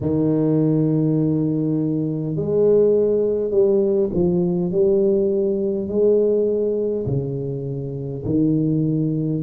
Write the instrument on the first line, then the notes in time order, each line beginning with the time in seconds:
tuba
0.00 D#3
2.35 G#3
3.50 G3
4.13 F3
4.71 G3
5.88 G#3
7.06 C#3
8.25 D#3